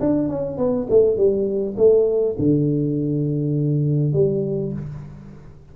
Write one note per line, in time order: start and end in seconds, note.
0.00 0.29 D4
0.29 0.57 C#4
0.57 0.87 B3
0.90 1.17 A3
1.17 1.76 G3
1.77 2.36 A3
2.39 4.13 D3
4.13 4.73 G3